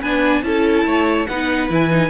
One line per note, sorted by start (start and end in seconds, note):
0.00 0.43 B3
0.00 0.43 D4
0.00 0.42 B4
0.00 0.43 G#5
0.43 0.85 C#4
0.43 1.27 E4
0.43 0.86 A4
0.43 1.26 A5
0.85 1.27 A3
0.85 1.28 C#5
1.26 1.69 B3
1.26 1.69 D#4
1.26 2.10 B4
1.26 1.68 F#5
1.69 2.10 E3
1.69 1.90 E4
1.69 2.10 G#5
1.90 2.10 D#4